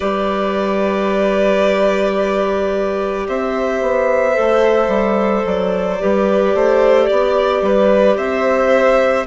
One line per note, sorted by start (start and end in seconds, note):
0.00 3.28 G3
0.00 4.32 G4
0.00 3.27 B4
0.00 3.26 D5
3.28 3.81 C4
3.28 6.01 C5
3.28 5.46 E5
3.81 4.36 B3
4.33 4.87 A3
4.33 5.97 A4
4.87 5.42 G3
5.45 6.00 F#3
5.45 8.17 D5
5.99 6.54 G3
5.99 9.26 G4
5.99 6.55 B4
6.54 7.09 A3
6.54 7.07 C5
7.07 7.61 B3
7.07 7.61 D5
7.61 8.16 G3
7.61 8.17 B4
8.16 9.25 C4
8.16 9.26 C5
8.16 9.26 E5